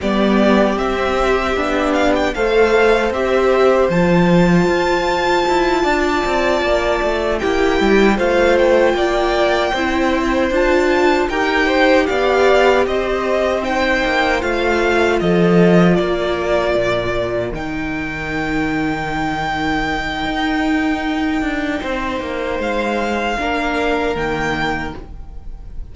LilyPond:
<<
  \new Staff \with { instrumentName = "violin" } { \time 4/4 \tempo 4 = 77 d''4 e''4. f''16 g''16 f''4 | e''4 a''2.~ | a''4. g''4 f''8 g''4~ | g''4. a''4 g''4 f''8~ |
f''8 dis''4 g''4 f''4 dis''8~ | dis''8 d''2 g''4.~ | g''1~ | g''4 f''2 g''4 | }
  \new Staff \with { instrumentName = "violin" } { \time 4/4 g'2. c''4~ | c''2.~ c''8 d''8~ | d''4. g'4 c''4 d''8~ | d''8 c''2 ais'8 c''8 d''8~ |
d''8 c''2. a'8~ | a'8 ais'2.~ ais'8~ | ais'1 | c''2 ais'2 | }
  \new Staff \with { instrumentName = "viola" } { \time 4/4 b4 c'4 d'4 a'4 | g'4 f'2.~ | f'4. e'4 f'4.~ | f'8 e'4 f'4 g'4.~ |
g'4. dis'4 f'4.~ | f'2~ f'8 dis'4.~ | dis'1~ | dis'2 d'4 ais4 | }
  \new Staff \with { instrumentName = "cello" } { \time 4/4 g4 c'4 b4 a4 | c'4 f4 f'4 e'8 d'8 | c'8 ais8 a8 ais8 g8 a4 ais8~ | ais8 c'4 d'4 dis'4 b8~ |
b8 c'4. ais8 a4 f8~ | f8 ais4 ais,4 dis4.~ | dis2 dis'4. d'8 | c'8 ais8 gis4 ais4 dis4 | }
>>